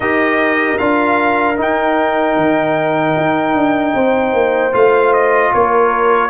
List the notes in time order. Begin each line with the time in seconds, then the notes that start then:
0.00 D#4 G4 A#4 D#5
0.77 D4 F4 F5
1.56 D#4 G5
2.36 D#3
3.16 D#4
3.54 D4
3.94 C4 C5
4.33 A#3
4.72 A3 F4 F5
5.13 D#5
5.53 A#3 A#4 C#5